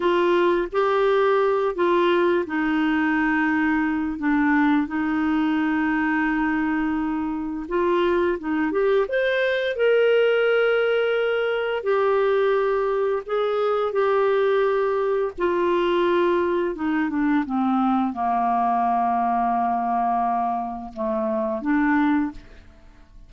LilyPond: \new Staff \with { instrumentName = "clarinet" } { \time 4/4 \tempo 4 = 86 f'4 g'4. f'4 dis'8~ | dis'2 d'4 dis'4~ | dis'2. f'4 | dis'8 g'8 c''4 ais'2~ |
ais'4 g'2 gis'4 | g'2 f'2 | dis'8 d'8 c'4 ais2~ | ais2 a4 d'4 | }